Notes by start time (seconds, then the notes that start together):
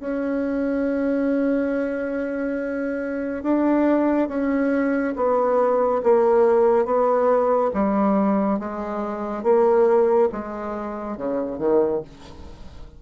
0.00 C#4
3.43 D4
4.28 C#4
5.16 B3
6.03 A#3
6.85 B3
7.74 G3
8.59 G#3
9.43 A#3
10.32 G#3
11.17 C#3
11.58 D#3